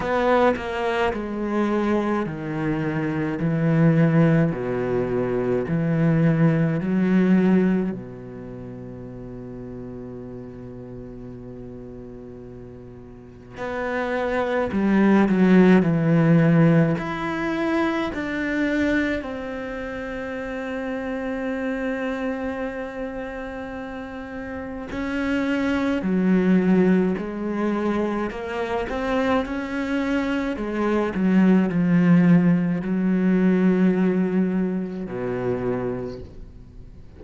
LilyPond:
\new Staff \with { instrumentName = "cello" } { \time 4/4 \tempo 4 = 53 b8 ais8 gis4 dis4 e4 | b,4 e4 fis4 b,4~ | b,1 | b4 g8 fis8 e4 e'4 |
d'4 c'2.~ | c'2 cis'4 fis4 | gis4 ais8 c'8 cis'4 gis8 fis8 | f4 fis2 b,4 | }